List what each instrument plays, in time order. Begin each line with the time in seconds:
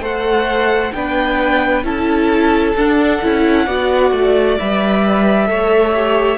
0.00 cello A3, viola A4, violin C5 F#5
0.93 cello B3, viola D4, violin B4 G5
1.83 cello C#4, viola E4, violin A4 A5
2.76 cello D4, viola D4, violin F#5
3.23 cello C#4, viola E4
3.65 cello B3, viola F#4, violin D5
4.12 cello A3
4.59 cello G3, viola B4, violin E5
5.46 cello A3, viola A4, violin C#5
5.95 viola G4